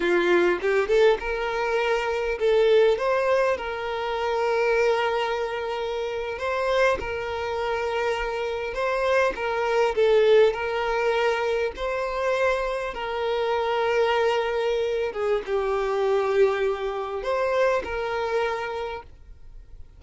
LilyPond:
\new Staff \with { instrumentName = "violin" } { \time 4/4 \tempo 4 = 101 f'4 g'8 a'8 ais'2 | a'4 c''4 ais'2~ | ais'2~ ais'8. c''4 ais'16~ | ais'2~ ais'8. c''4 ais'16~ |
ais'8. a'4 ais'2 c''16~ | c''4.~ c''16 ais'2~ ais'16~ | ais'4. gis'8 g'2~ | g'4 c''4 ais'2 | }